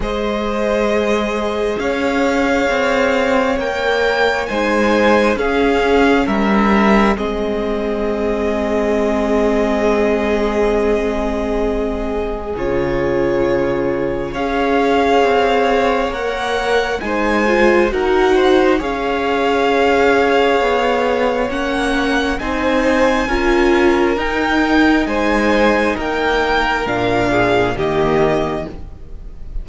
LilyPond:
<<
  \new Staff \with { instrumentName = "violin" } { \time 4/4 \tempo 4 = 67 dis''2 f''2 | g''4 gis''4 f''4 e''4 | dis''1~ | dis''2 cis''2 |
f''2 fis''4 gis''4 | fis''4 f''2. | fis''4 gis''2 g''4 | gis''4 g''4 f''4 dis''4 | }
  \new Staff \with { instrumentName = "violin" } { \time 4/4 c''2 cis''2~ | cis''4 c''4 gis'4 ais'4 | gis'1~ | gis'1 |
cis''2. c''4 | ais'8 c''8 cis''2.~ | cis''4 c''4 ais'2 | c''4 ais'4. gis'8 g'4 | }
  \new Staff \with { instrumentName = "viola" } { \time 4/4 gis'1 | ais'4 dis'4 cis'2 | c'1~ | c'2 f'2 |
gis'2 ais'4 dis'8 f'8 | fis'4 gis'2. | cis'4 dis'4 f'4 dis'4~ | dis'2 d'4 ais4 | }
  \new Staff \with { instrumentName = "cello" } { \time 4/4 gis2 cis'4 c'4 | ais4 gis4 cis'4 g4 | gis1~ | gis2 cis2 |
cis'4 c'4 ais4 gis4 | dis'4 cis'2 b4 | ais4 c'4 cis'4 dis'4 | gis4 ais4 ais,4 dis4 | }
>>